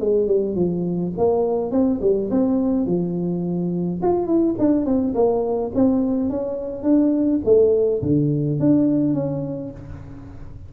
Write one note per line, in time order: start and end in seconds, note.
0.00 0.27 G#3
0.27 0.55 G3
0.55 1.12 F3
1.18 1.72 A#3
1.72 2.00 C4
2.01 2.30 G3
2.31 2.86 C4
2.86 4.01 F3
4.02 4.27 F4
4.27 4.55 E4
4.59 4.85 D4
4.85 5.14 C4
5.15 5.72 A#3
5.75 6.30 C4
6.30 6.83 C#4
6.83 7.40 D4
7.45 8.02 A3
8.02 8.59 D3
8.60 9.14 D4
9.14 9.71 C#4